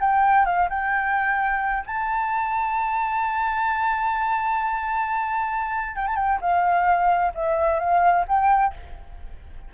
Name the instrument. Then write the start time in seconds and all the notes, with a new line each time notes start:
flute
0.00 G5
0.45 F5
0.69 G5
1.86 A5
5.96 G5
6.07 A5
6.16 G5
6.41 F5
7.34 E5
7.79 F5
8.28 G5